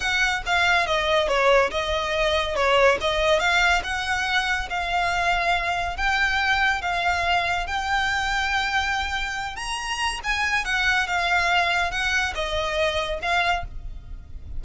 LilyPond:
\new Staff \with { instrumentName = "violin" } { \time 4/4 \tempo 4 = 141 fis''4 f''4 dis''4 cis''4 | dis''2 cis''4 dis''4 | f''4 fis''2 f''4~ | f''2 g''2 |
f''2 g''2~ | g''2~ g''8 ais''4. | gis''4 fis''4 f''2 | fis''4 dis''2 f''4 | }